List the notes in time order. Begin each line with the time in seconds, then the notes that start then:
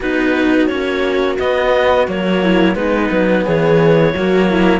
0.00 B3 D#4 F#4 B4
0.67 A#3 C#4 C#5
1.38 B3 D#5
2.07 F#3 A#3 C#5
2.42 E4
2.75 G#3 B3 D#4 B4
3.11 F#3
3.44 E3 G#4 C#5
4.14 F#3 A#3 F#4
4.50 E4